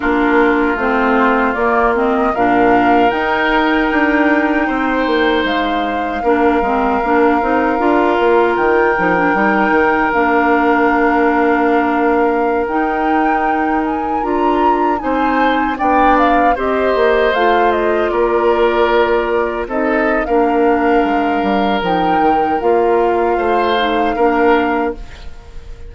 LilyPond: <<
  \new Staff \with { instrumentName = "flute" } { \time 4/4 \tempo 4 = 77 ais'4 c''4 d''8 dis''8 f''4 | g''2. f''4~ | f''2. g''4~ | g''4 f''2.~ |
f''16 g''4. gis''8 ais''4 gis''8.~ | gis''16 g''8 f''8 dis''4 f''8 dis''8 d''8.~ | d''4~ d''16 dis''8. f''2 | g''4 f''2. | }
  \new Staff \with { instrumentName = "oboe" } { \time 4/4 f'2. ais'4~ | ais'2 c''2 | ais'1~ | ais'1~ |
ais'2.~ ais'16 c''8.~ | c''16 d''4 c''2 ais'8.~ | ais'4~ ais'16 a'8. ais'2~ | ais'2 c''4 ais'4 | }
  \new Staff \with { instrumentName = "clarinet" } { \time 4/4 d'4 c'4 ais8 c'8 d'4 | dis'1 | d'8 c'8 d'8 dis'8 f'4. dis'16 d'16 | dis'4 d'2.~ |
d'16 dis'2 f'4 dis'8.~ | dis'16 d'4 g'4 f'4.~ f'16~ | f'4~ f'16 dis'8. d'2 | dis'4 f'4. dis'8 d'4 | }
  \new Staff \with { instrumentName = "bassoon" } { \time 4/4 ais4 a4 ais4 ais,4 | dis'4 d'4 c'8 ais8 gis4 | ais8 gis8 ais8 c'8 d'8 ais8 dis8 f8 | g8 dis8 ais2.~ |
ais16 dis'2 d'4 c'8.~ | c'16 b4 c'8 ais8 a4 ais8.~ | ais4~ ais16 c'8. ais4 gis8 g8 | f8 dis8 ais4 a4 ais4 | }
>>